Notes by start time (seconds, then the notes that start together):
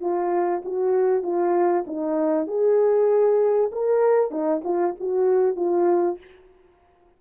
0.00 F4
0.64 F#4
1.23 F4
1.86 D#4
2.47 G#4
3.71 A#4
4.30 D#4
4.64 F4
5.00 F#4
5.56 F4